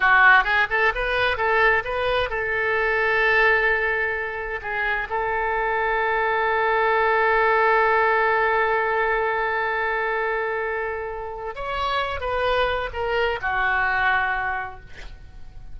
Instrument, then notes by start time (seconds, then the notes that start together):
oboe
0.00 F#4
0.44 G#4
0.69 A4
0.94 B4
1.37 A4
1.84 B4
2.29 A4
4.62 G#4
5.09 A4
11.55 C#5
12.20 B4
12.93 A#4
13.41 F#4